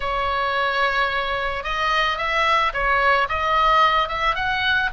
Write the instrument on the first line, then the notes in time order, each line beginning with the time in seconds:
oboe
0.00 C#5
1.63 D#5
2.17 E5
2.73 C#5
3.29 D#5
4.08 E5
4.35 F#5